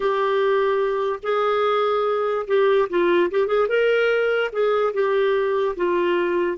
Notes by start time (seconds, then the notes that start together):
0.00 G4
1.22 G#4
2.47 G4
2.89 F4
3.30 G4
3.47 G#4
3.68 A#4
4.52 G#4
4.93 G4
5.76 F4